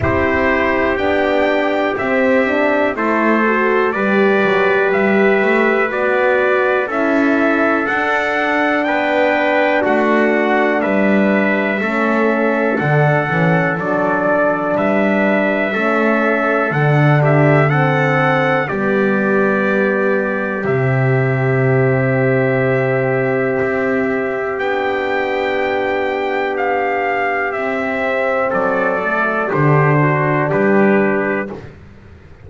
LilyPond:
<<
  \new Staff \with { instrumentName = "trumpet" } { \time 4/4 \tempo 4 = 61 c''4 g''4 e''4 c''4 | d''4 e''4 d''4 e''4 | fis''4 g''4 fis''4 e''4~ | e''4 fis''4 d''4 e''4~ |
e''4 fis''8 e''8 fis''4 d''4~ | d''4 e''2.~ | e''4 g''2 f''4 | e''4 d''4 c''4 b'4 | }
  \new Staff \with { instrumentName = "trumpet" } { \time 4/4 g'2. a'4 | b'2. a'4~ | a'4 b'4 fis'4 b'4 | a'2. b'4 |
a'4. g'8 a'4 g'4~ | g'1~ | g'1~ | g'4 a'4 g'8 fis'8 g'4 | }
  \new Staff \with { instrumentName = "horn" } { \time 4/4 e'4 d'4 c'8 d'8 e'8 fis'8 | g'2 fis'4 e'4 | d'1 | cis'4 d'8 cis'8 d'2 |
cis'4 d'4 c'4 b4~ | b4 c'2.~ | c'4 d'2. | c'4. a8 d'2 | }
  \new Staff \with { instrumentName = "double bass" } { \time 4/4 c'4 b4 c'4 a4 | g8 fis8 g8 a8 b4 cis'4 | d'4 b4 a4 g4 | a4 d8 e8 fis4 g4 |
a4 d2 g4~ | g4 c2. | c'4 b2. | c'4 fis4 d4 g4 | }
>>